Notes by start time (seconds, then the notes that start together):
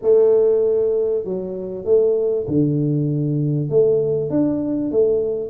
0.02 A3
1.24 F#3
1.85 A3
2.47 D3
3.69 A3
4.29 D4
4.91 A3